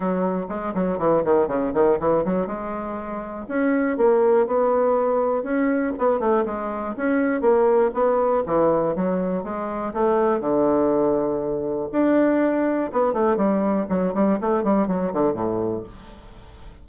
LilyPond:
\new Staff \with { instrumentName = "bassoon" } { \time 4/4 \tempo 4 = 121 fis4 gis8 fis8 e8 dis8 cis8 dis8 | e8 fis8 gis2 cis'4 | ais4 b2 cis'4 | b8 a8 gis4 cis'4 ais4 |
b4 e4 fis4 gis4 | a4 d2. | d'2 b8 a8 g4 | fis8 g8 a8 g8 fis8 d8 a,4 | }